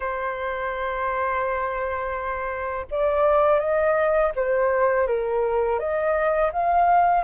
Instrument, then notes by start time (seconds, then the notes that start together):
flute
0.00 C5
2.90 D5
3.59 D#5
4.35 C5
5.07 A#4
5.79 D#5
6.52 F5